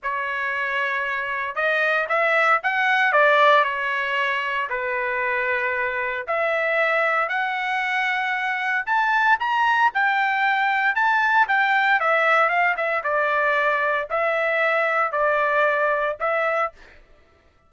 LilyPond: \new Staff \with { instrumentName = "trumpet" } { \time 4/4 \tempo 4 = 115 cis''2. dis''4 | e''4 fis''4 d''4 cis''4~ | cis''4 b'2. | e''2 fis''2~ |
fis''4 a''4 ais''4 g''4~ | g''4 a''4 g''4 e''4 | f''8 e''8 d''2 e''4~ | e''4 d''2 e''4 | }